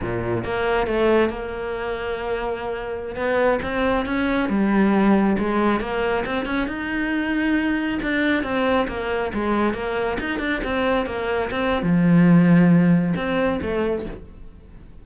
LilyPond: \new Staff \with { instrumentName = "cello" } { \time 4/4 \tempo 4 = 137 ais,4 ais4 a4 ais4~ | ais2.~ ais16 b8.~ | b16 c'4 cis'4 g4.~ g16~ | g16 gis4 ais4 c'8 cis'8 dis'8.~ |
dis'2~ dis'16 d'4 c'8.~ | c'16 ais4 gis4 ais4 dis'8 d'16~ | d'16 c'4 ais4 c'8. f4~ | f2 c'4 a4 | }